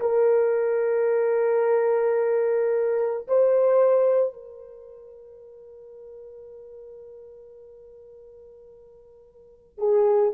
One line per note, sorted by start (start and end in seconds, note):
0.00 3.27 A#4
3.28 4.33 C5
4.33 9.78 A#4
9.78 10.32 G#4